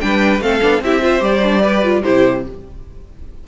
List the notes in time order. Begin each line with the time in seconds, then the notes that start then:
0.00 G3 D4 B4 G5
0.41 A3 C4 A4 F5
0.61 B3 D4
0.81 C4 E4 G4 E5
1.02 F4 C5
1.20 G3 G4 D5
1.43 D4
1.62 G4 B4
1.84 F4
2.03 C3 E4 G4 C5